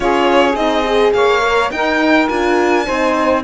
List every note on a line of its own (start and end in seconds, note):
0.00 0.55 C#4
0.00 0.54 F4
0.00 1.15 G#4
0.00 0.55 C#5
0.55 1.12 C4
0.55 0.83 D#4
0.55 1.12 D#5
0.83 1.41 G#4
1.13 1.71 A#3
1.13 1.72 C#5
1.13 1.70 F5
1.42 1.71 A#4
1.71 2.28 D#4
1.71 2.86 A#4
1.71 2.28 G5
2.28 2.86 D4
2.28 2.86 F4
2.28 3.42 G#5
2.86 3.43 C4
2.86 3.43 D#4
2.86 3.43 C5